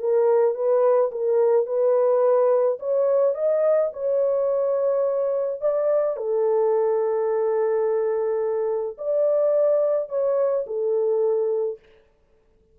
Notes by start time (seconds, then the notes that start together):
0.00 A#4
0.55 B4
1.12 A#4
1.67 B4
2.80 C#5
3.35 D#5
3.93 C#5
5.62 D5
6.17 A4
8.98 D5
10.10 C#5
10.67 A4